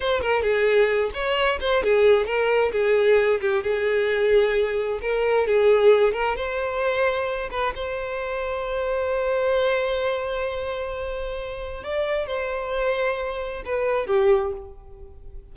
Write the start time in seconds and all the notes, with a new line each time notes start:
0.00 C5
0.21 A#4
0.42 G#4
1.13 C#5
1.60 C5
1.83 G#4
2.26 A#4
2.72 G#4
3.40 G4
3.63 G#4
5.01 A#4
5.47 G#4
6.13 A#4
6.36 C5
7.50 B4
7.75 C5
11.83 D5
12.26 C5
13.65 B4
14.06 G4